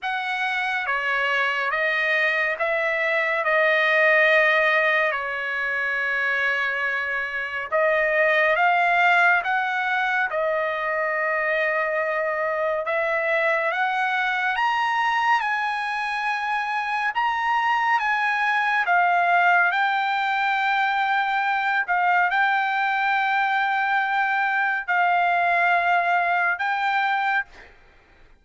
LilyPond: \new Staff \with { instrumentName = "trumpet" } { \time 4/4 \tempo 4 = 70 fis''4 cis''4 dis''4 e''4 | dis''2 cis''2~ | cis''4 dis''4 f''4 fis''4 | dis''2. e''4 |
fis''4 ais''4 gis''2 | ais''4 gis''4 f''4 g''4~ | g''4. f''8 g''2~ | g''4 f''2 g''4 | }